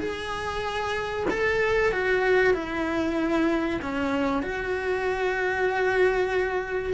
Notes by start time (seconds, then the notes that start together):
0.00 G#4
1.30 A4
1.92 F#4
2.54 E4
3.82 C#4
4.43 F#4